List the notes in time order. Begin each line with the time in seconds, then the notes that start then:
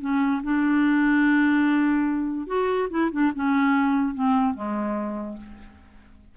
0.00 C#4
0.43 D4
2.47 F#4
2.90 E4
3.11 D4
3.35 C#4
4.14 C4
4.54 G#3